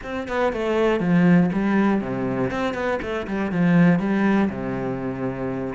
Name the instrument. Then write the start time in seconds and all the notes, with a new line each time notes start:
cello
0.03 C4
0.27 B3
0.52 A3
1.00 F3
1.52 G3
2.01 C3
2.50 C4
2.74 B3
3.01 A3
3.27 G3
3.51 F3
3.99 G3
4.49 C3